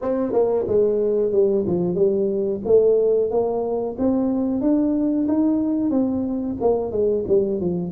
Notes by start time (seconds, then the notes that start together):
0.01 C4
0.32 A#3
0.67 G#3
1.32 G3
1.66 F3
1.95 G3
2.65 A3
3.30 A#3
3.98 C4
4.61 D4
5.28 D#4
5.90 C4
6.60 A#3
6.91 G#3
7.27 G3
7.60 F3